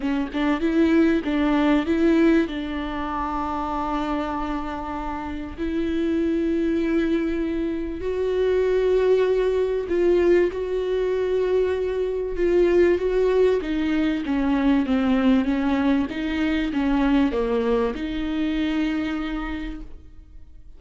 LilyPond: \new Staff \with { instrumentName = "viola" } { \time 4/4 \tempo 4 = 97 cis'8 d'8 e'4 d'4 e'4 | d'1~ | d'4 e'2.~ | e'4 fis'2. |
f'4 fis'2. | f'4 fis'4 dis'4 cis'4 | c'4 cis'4 dis'4 cis'4 | ais4 dis'2. | }